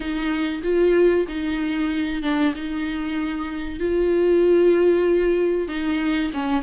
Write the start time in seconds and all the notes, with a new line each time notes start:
0.00 D#4
0.63 F4
1.28 D#4
2.22 D4
2.55 D#4
3.79 F4
5.68 D#4
6.33 C#4